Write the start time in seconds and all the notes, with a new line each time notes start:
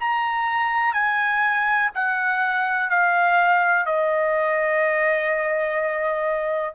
0.00 A#5
0.94 G#5
1.94 F#5
2.90 F5
3.86 D#5